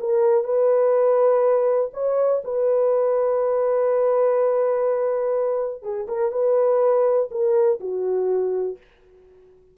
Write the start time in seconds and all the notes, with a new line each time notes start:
0.00 A#4
0.45 B4
1.94 C#5
2.45 B4
5.83 G#4
6.08 A#4
6.32 B4
7.31 A#4
7.80 F#4